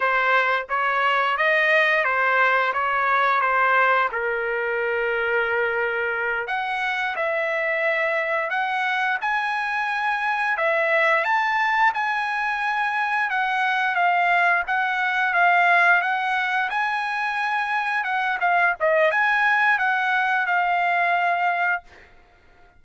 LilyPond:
\new Staff \with { instrumentName = "trumpet" } { \time 4/4 \tempo 4 = 88 c''4 cis''4 dis''4 c''4 | cis''4 c''4 ais'2~ | ais'4. fis''4 e''4.~ | e''8 fis''4 gis''2 e''8~ |
e''8 a''4 gis''2 fis''8~ | fis''8 f''4 fis''4 f''4 fis''8~ | fis''8 gis''2 fis''8 f''8 dis''8 | gis''4 fis''4 f''2 | }